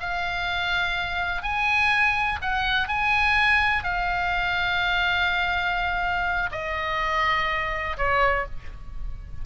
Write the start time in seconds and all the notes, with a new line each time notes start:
0.00 F5
1.42 G#5
2.41 F#5
2.88 G#5
3.84 F5
6.51 D#5
7.97 C#5